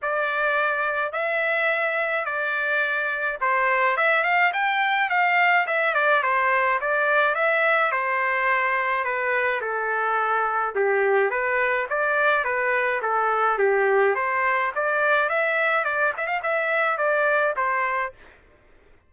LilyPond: \new Staff \with { instrumentName = "trumpet" } { \time 4/4 \tempo 4 = 106 d''2 e''2 | d''2 c''4 e''8 f''8 | g''4 f''4 e''8 d''8 c''4 | d''4 e''4 c''2 |
b'4 a'2 g'4 | b'4 d''4 b'4 a'4 | g'4 c''4 d''4 e''4 | d''8 e''16 f''16 e''4 d''4 c''4 | }